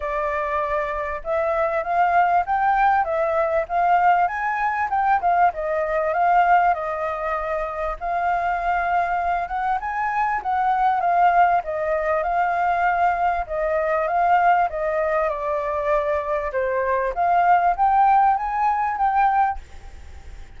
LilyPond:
\new Staff \with { instrumentName = "flute" } { \time 4/4 \tempo 4 = 98 d''2 e''4 f''4 | g''4 e''4 f''4 gis''4 | g''8 f''8 dis''4 f''4 dis''4~ | dis''4 f''2~ f''8 fis''8 |
gis''4 fis''4 f''4 dis''4 | f''2 dis''4 f''4 | dis''4 d''2 c''4 | f''4 g''4 gis''4 g''4 | }